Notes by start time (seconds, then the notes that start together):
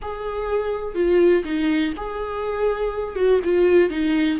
0.01 G#4
0.94 F4
1.44 D#4
1.96 G#4
3.15 F#4
3.44 F4
3.90 D#4